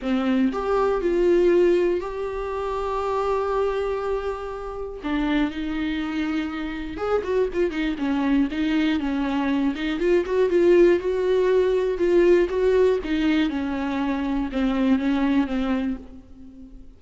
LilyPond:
\new Staff \with { instrumentName = "viola" } { \time 4/4 \tempo 4 = 120 c'4 g'4 f'2 | g'1~ | g'2 d'4 dis'4~ | dis'2 gis'8 fis'8 f'8 dis'8 |
cis'4 dis'4 cis'4. dis'8 | f'8 fis'8 f'4 fis'2 | f'4 fis'4 dis'4 cis'4~ | cis'4 c'4 cis'4 c'4 | }